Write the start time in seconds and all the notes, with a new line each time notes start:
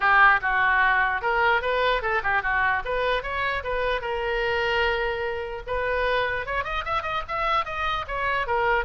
0.00 G4
0.41 F#4
1.21 A#4
1.61 B4
2.02 A4
2.23 G4
2.42 F#4
2.84 B4
3.22 C#5
3.63 B4
4.01 A#4
5.66 B4
6.45 C#5
6.64 D#5
6.84 E5
7.02 D#5
7.28 E5
7.65 D#5
8.07 C#5
8.46 A#4